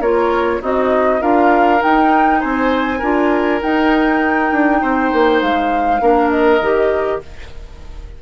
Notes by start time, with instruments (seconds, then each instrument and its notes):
0.00 bassoon A#3, clarinet F4, oboe A#4, flute C#5
0.61 bassoon C4, oboe D#4, clarinet F#4, flute D#5
1.20 bassoon D4, clarinet F4, oboe A#4, flute F5
1.79 clarinet D#4, bassoon D#4, flute G5
2.40 bassoon C4, oboe C5, flute G#5
2.98 bassoon D4, clarinet F4, oboe A#4
3.61 clarinet D#4, bassoon D#4, flute G5
4.52 bassoon D4
4.81 bassoon C4, oboe C5
5.12 bassoon A#3
5.41 bassoon G#3, flute F5
6.00 bassoon A#3, clarinet D4, oboe A#4
6.30 flute D#5
6.60 bassoon D#3, clarinet G4